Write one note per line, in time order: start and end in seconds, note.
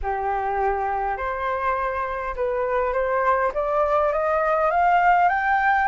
0.02 1.17 G4
1.17 2.34 C5
2.35 2.93 B4
2.93 3.52 C5
3.54 4.12 D5
4.12 4.71 D#5
4.71 5.28 F5
5.28 5.87 G5